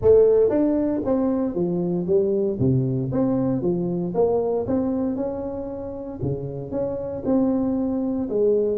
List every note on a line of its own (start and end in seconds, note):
0.01 0.49 A3
0.49 1.01 D4
1.05 1.54 C4
1.54 2.06 F3
2.06 2.58 G3
2.59 3.11 C3
3.12 3.61 C4
3.61 4.13 F3
4.14 4.66 A#3
4.66 5.16 C4
5.16 6.19 C#4
6.22 6.71 C#3
6.71 7.22 C#4
7.25 8.29 C4
8.29 8.77 G#3